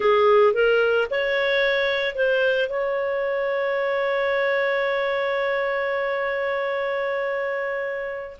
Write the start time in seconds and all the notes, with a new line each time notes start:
0.00 G#4
0.53 A#4
1.10 C#5
2.15 C5
2.69 C#5